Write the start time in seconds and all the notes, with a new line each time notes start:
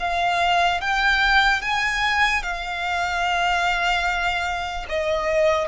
0.00 F5
0.81 G5
1.62 G#5
2.43 F5
4.89 D#5